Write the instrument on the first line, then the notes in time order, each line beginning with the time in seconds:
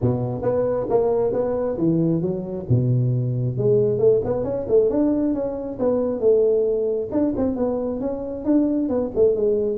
tuba
0.01 B2
0.42 B3
0.89 A#3
1.32 B3
1.77 E3
2.21 F#3
2.68 B2
3.57 G#3
3.98 A3
4.24 B3
4.44 C#4
4.68 A3
4.89 D4
5.33 C#4
5.79 B3
6.20 A3
7.11 D4
7.37 C4
7.56 B3
8.00 C#4
8.44 D4
8.88 B3
9.15 A3
9.35 G#3